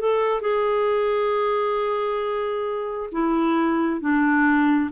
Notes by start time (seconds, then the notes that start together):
0.00 A4
0.41 G#4
3.11 E4
4.01 D4